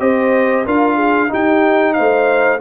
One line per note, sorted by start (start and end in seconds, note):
0.00 0.66 C4
0.00 0.65 G4
0.00 0.66 C5
0.00 0.66 D#5
0.66 1.31 D4
0.66 1.29 F4
0.66 0.96 A#4
0.66 1.33 F5
0.96 1.29 G#4
1.29 2.59 D#4
1.29 2.00 D#4
1.29 1.95 G4
1.29 1.93 G5
1.93 2.61 C5
1.93 2.59 F5
2.00 2.61 A3